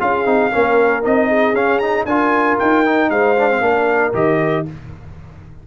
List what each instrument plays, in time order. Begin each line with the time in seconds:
0.00 tuba C#4, trombone F4, horn G#4, trumpet F5
0.26 tuba C4, trombone D#4
0.52 tuba A#3, trombone C#4, horn A#4
1.03 tuba C4, trombone D#4, trumpet D#5
1.28 horn G#4
1.54 tuba C#4, trombone C#4, trumpet F5
1.79 trombone D#4, trumpet A#5
2.06 tuba D4, trombone F4, horn A#4, trumpet G#5
2.59 tuba D#4, trumpet G5
2.86 trombone D#4
3.10 tuba G#3, horn C5, trumpet F5
3.37 trombone D4
3.51 trombone C4
3.61 tuba A#3, trombone D4, horn A#4
4.14 tuba D#3, trombone G4, trumpet D#5